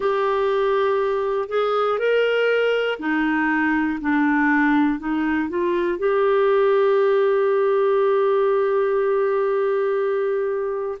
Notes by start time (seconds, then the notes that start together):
0.00 G4
1.48 G#4
1.98 A#4
2.99 D#4
4.00 D4
4.99 D#4
5.49 F4
5.98 G4